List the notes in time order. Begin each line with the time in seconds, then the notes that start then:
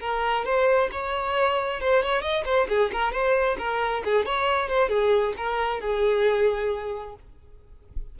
0.00 A#4
0.45 C5
0.91 C#5
1.80 C5
2.03 C#5
2.22 D#5
2.45 C5
2.68 G#4
2.92 A#4
3.12 C5
3.58 A#4
4.04 G#4
4.25 C#5
4.69 C5
4.89 G#4
5.37 A#4
5.80 G#4